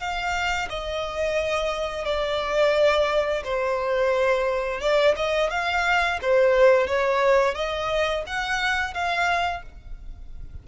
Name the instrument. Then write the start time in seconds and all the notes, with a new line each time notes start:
violin
0.00 F5
0.70 D#5
2.05 D5
3.44 C5
4.81 D5
5.17 D#5
5.51 F5
6.22 C5
6.87 C#5
7.55 D#5
8.27 F#5
8.94 F5